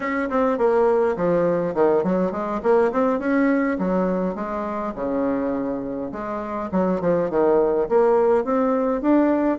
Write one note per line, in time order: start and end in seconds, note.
0.00 0.29 C#4
0.29 0.57 C4
0.57 1.16 A#3
1.16 1.74 F3
1.74 2.03 D#3
2.03 2.31 F#3
2.31 2.61 G#3
2.62 2.91 A#3
2.92 3.19 C4
3.19 3.77 C#4
3.78 4.35 F#3
4.35 4.93 G#3
4.95 6.11 C#3
6.11 6.70 G#3
6.71 7.00 F#3
7.01 7.30 F3
7.30 7.88 D#3
7.88 8.44 A#3
8.44 9.01 C4
9.01 9.58 D4